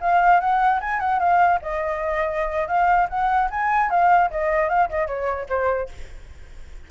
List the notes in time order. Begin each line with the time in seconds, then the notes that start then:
0.00 F5
0.40 F#5
0.80 G#5
1.00 F#5
1.19 F5
1.61 D#5
2.67 F5
3.09 F#5
3.50 G#5
3.90 F5
4.30 D#5
4.69 F5
4.89 D#5
5.07 C#5
5.49 C5